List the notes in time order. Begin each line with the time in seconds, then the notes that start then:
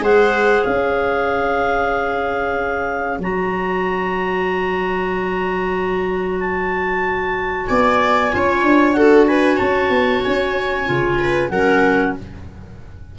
0.00 G#3 G#4 C5 F#5
0.64 C#4 C#5 F5
3.19 F#3 F#4 A#5
6.40 A5
7.67 B3 D5 G#5
8.31 C#4 F4 C#5
8.62 D4
8.93 F#4 A4 F#5
9.27 B4 G#5
9.57 C#4 C#5 A5
9.90 B3
10.23 C#4 G#5
10.86 C#3 F4
11.19 B4
11.50 F#3 C#4 A#4 F#5